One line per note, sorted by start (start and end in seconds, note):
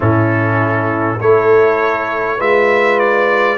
0.00 1.19 A2
0.00 1.19 C#4
0.00 1.19 E4
0.00 1.21 A4
1.19 2.39 A3
1.19 2.38 E4
1.19 2.38 A4
1.19 2.40 C#5
2.38 3.58 G#3
2.38 3.58 F4
2.38 3.58 B4
2.38 2.99 E5
2.99 3.58 D5